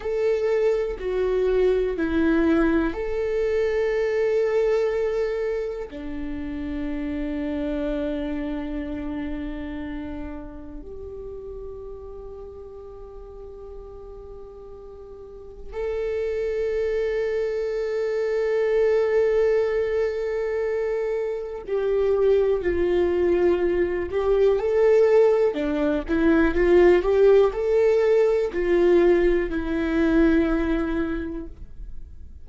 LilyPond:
\new Staff \with { instrumentName = "viola" } { \time 4/4 \tempo 4 = 61 a'4 fis'4 e'4 a'4~ | a'2 d'2~ | d'2. g'4~ | g'1 |
a'1~ | a'2 g'4 f'4~ | f'8 g'8 a'4 d'8 e'8 f'8 g'8 | a'4 f'4 e'2 | }